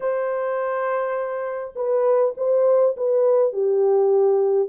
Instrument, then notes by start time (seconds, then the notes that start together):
horn
0.00 C5
1.75 B4
2.37 C5
2.96 B4
3.52 G4